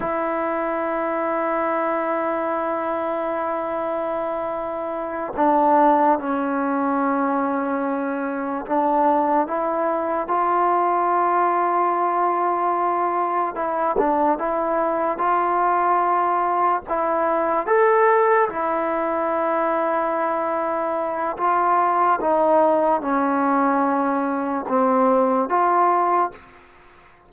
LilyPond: \new Staff \with { instrumentName = "trombone" } { \time 4/4 \tempo 4 = 73 e'1~ | e'2~ e'8 d'4 cis'8~ | cis'2~ cis'8 d'4 e'8~ | e'8 f'2.~ f'8~ |
f'8 e'8 d'8 e'4 f'4.~ | f'8 e'4 a'4 e'4.~ | e'2 f'4 dis'4 | cis'2 c'4 f'4 | }